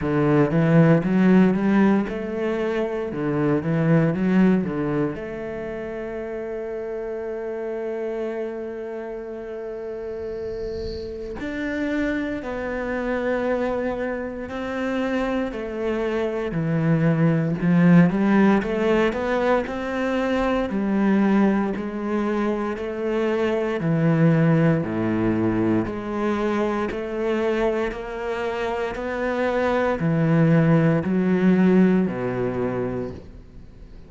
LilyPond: \new Staff \with { instrumentName = "cello" } { \time 4/4 \tempo 4 = 58 d8 e8 fis8 g8 a4 d8 e8 | fis8 d8 a2.~ | a2. d'4 | b2 c'4 a4 |
e4 f8 g8 a8 b8 c'4 | g4 gis4 a4 e4 | a,4 gis4 a4 ais4 | b4 e4 fis4 b,4 | }